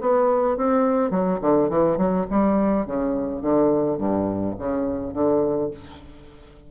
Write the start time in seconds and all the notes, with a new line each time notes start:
0.00 B3
0.57 C4
1.10 F#3
1.41 D3
1.69 E3
1.97 F#3
2.30 G3
2.85 C#3
3.41 D3
3.97 G2
4.58 C#3
5.13 D3